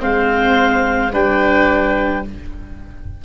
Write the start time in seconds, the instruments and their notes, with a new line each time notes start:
0.00 tuba G#3, viola C4, oboe C5, clarinet F5
1.13 tuba G3, viola D4, oboe B4, clarinet G5